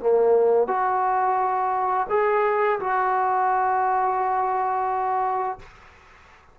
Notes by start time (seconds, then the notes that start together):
0.00 A#3
0.68 F#4
2.10 G#4
2.80 F#4